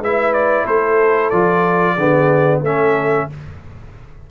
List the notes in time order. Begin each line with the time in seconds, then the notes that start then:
0.00 G#3 E4 B4 E5
0.34 D5
0.64 A3 A4 C5
1.30 F3 F4 D5
1.96 D3 B3 G#4
2.62 A3 C#4 A4 E5